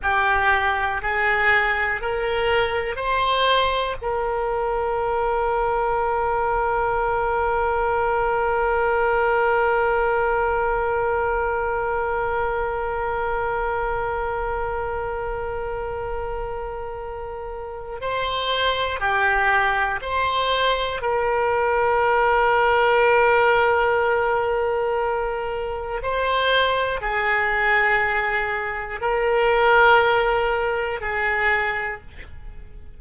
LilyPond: \new Staff \with { instrumentName = "oboe" } { \time 4/4 \tempo 4 = 60 g'4 gis'4 ais'4 c''4 | ais'1~ | ais'1~ | ais'1~ |
ais'2 c''4 g'4 | c''4 ais'2.~ | ais'2 c''4 gis'4~ | gis'4 ais'2 gis'4 | }